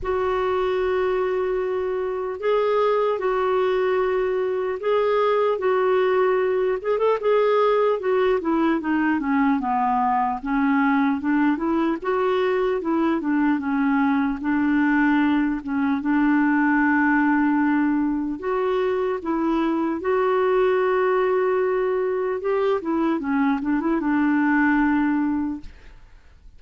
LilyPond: \new Staff \with { instrumentName = "clarinet" } { \time 4/4 \tempo 4 = 75 fis'2. gis'4 | fis'2 gis'4 fis'4~ | fis'8 gis'16 a'16 gis'4 fis'8 e'8 dis'8 cis'8 | b4 cis'4 d'8 e'8 fis'4 |
e'8 d'8 cis'4 d'4. cis'8 | d'2. fis'4 | e'4 fis'2. | g'8 e'8 cis'8 d'16 e'16 d'2 | }